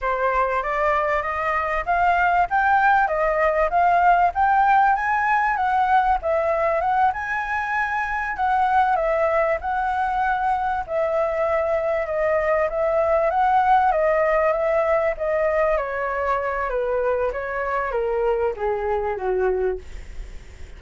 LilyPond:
\new Staff \with { instrumentName = "flute" } { \time 4/4 \tempo 4 = 97 c''4 d''4 dis''4 f''4 | g''4 dis''4 f''4 g''4 | gis''4 fis''4 e''4 fis''8 gis''8~ | gis''4. fis''4 e''4 fis''8~ |
fis''4. e''2 dis''8~ | dis''8 e''4 fis''4 dis''4 e''8~ | e''8 dis''4 cis''4. b'4 | cis''4 ais'4 gis'4 fis'4 | }